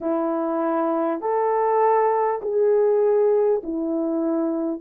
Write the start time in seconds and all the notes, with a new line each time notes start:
0.01 E4
1.21 A4
2.42 G#4
3.63 E4